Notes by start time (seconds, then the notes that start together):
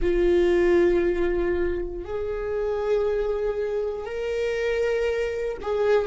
0.01 F4
2.04 G#4
4.04 A#4
5.61 G#4